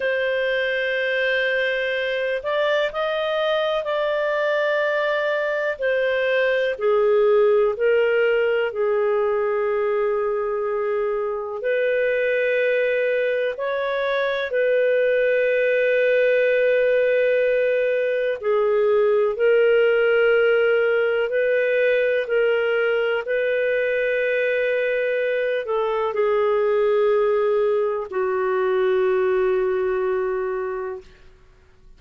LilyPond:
\new Staff \with { instrumentName = "clarinet" } { \time 4/4 \tempo 4 = 62 c''2~ c''8 d''8 dis''4 | d''2 c''4 gis'4 | ais'4 gis'2. | b'2 cis''4 b'4~ |
b'2. gis'4 | ais'2 b'4 ais'4 | b'2~ b'8 a'8 gis'4~ | gis'4 fis'2. | }